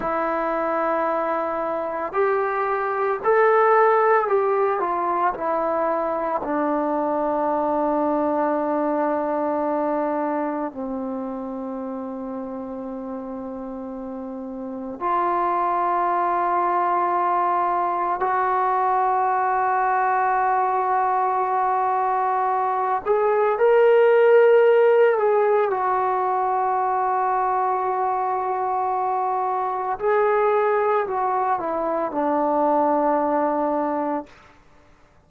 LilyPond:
\new Staff \with { instrumentName = "trombone" } { \time 4/4 \tempo 4 = 56 e'2 g'4 a'4 | g'8 f'8 e'4 d'2~ | d'2 c'2~ | c'2 f'2~ |
f'4 fis'2.~ | fis'4. gis'8 ais'4. gis'8 | fis'1 | gis'4 fis'8 e'8 d'2 | }